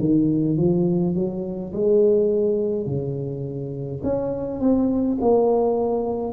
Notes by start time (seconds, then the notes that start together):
0.00 D#3
0.58 F3
1.15 F#3
1.73 G#3
2.86 C#3
4.03 C#4
4.60 C4
5.21 A#3